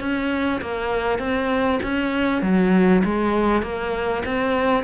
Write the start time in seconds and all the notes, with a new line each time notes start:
0.00 C#4
0.61 A#3
1.19 C4
1.83 C#4
2.42 F#3
3.04 G#3
3.63 A#3
4.25 C4